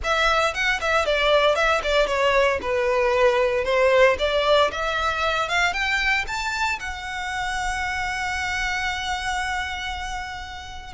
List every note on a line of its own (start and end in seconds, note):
0.03 0.54 E5
0.54 0.80 F#5
0.80 1.05 E5
1.05 1.55 D5
1.55 1.81 E5
1.83 2.07 D5
2.07 2.59 C#5
2.61 3.64 B4
3.64 4.16 C5
4.18 4.71 D5
4.71 5.49 E5
5.49 5.72 F5
5.72 6.25 G5
6.27 6.79 A5
6.79 10.93 F#5